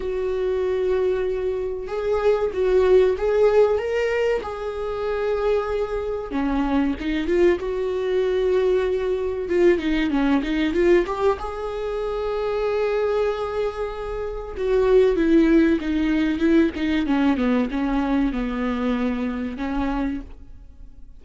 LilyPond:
\new Staff \with { instrumentName = "viola" } { \time 4/4 \tempo 4 = 95 fis'2. gis'4 | fis'4 gis'4 ais'4 gis'4~ | gis'2 cis'4 dis'8 f'8 | fis'2. f'8 dis'8 |
cis'8 dis'8 f'8 g'8 gis'2~ | gis'2. fis'4 | e'4 dis'4 e'8 dis'8 cis'8 b8 | cis'4 b2 cis'4 | }